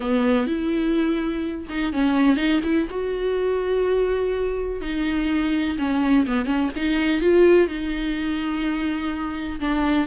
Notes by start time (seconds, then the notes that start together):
0.00 B3
0.46 E4
1.69 D#4
1.92 C#4
2.36 D#4
2.63 E4
2.90 F#4
4.81 D#4
5.78 C#4
6.26 B3
6.45 C#4
6.75 D#4
7.21 F4
7.67 D#4
9.60 D4